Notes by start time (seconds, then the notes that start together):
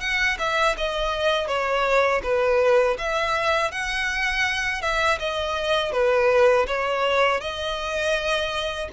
0.00 F#5
0.38 E5
0.77 D#5
1.47 C#5
2.23 B4
2.98 E5
3.71 F#5
4.81 E5
5.19 D#5
5.92 B4
6.67 C#5
7.40 D#5